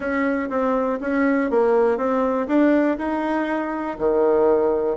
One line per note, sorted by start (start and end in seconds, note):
0.00 0.49 C#4
0.49 0.99 C4
1.00 1.50 C#4
1.50 1.97 A#3
1.97 2.47 C4
2.47 2.97 D4
2.98 3.97 D#4
3.98 4.97 D#3